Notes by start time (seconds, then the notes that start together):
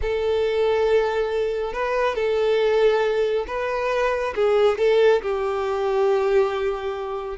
0.01 A4
1.73 B4
2.15 A4
3.47 B4
4.35 G#4
4.78 A4
5.22 G4